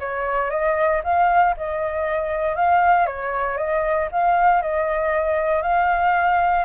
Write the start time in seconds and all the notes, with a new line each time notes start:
0.00 C#5
0.50 D#5
1.04 F5
1.57 D#5
2.56 F5
3.07 C#5
3.57 D#5
4.12 F5
4.62 D#5
5.62 F5